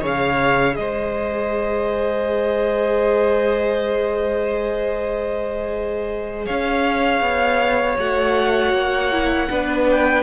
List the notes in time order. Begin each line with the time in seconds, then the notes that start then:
0.00 C#3 G#4 C#5
0.06 F5
0.76 G#3 C5 D#5
6.46 C#4 C#5 F5
7.21 B3
7.98 A3 F#4 F#5
8.73 A#3
9.12 E4
9.50 B3 D4 B4
9.91 G5